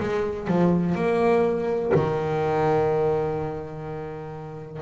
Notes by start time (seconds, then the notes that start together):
0.00 G#3
0.48 F3
0.95 A#3
1.94 D#3